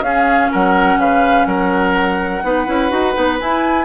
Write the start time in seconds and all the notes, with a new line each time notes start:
0.00 C#4 G#4 F5
0.51 F#3 A#4 F#5
0.97 C#3 B4 F5
1.45 F#3 A#4 F#5
2.43 B3 D#4 B4
2.66 C#4 E4
2.90 D#4 F#4
3.14 B3 D#4
3.39 E4 G#5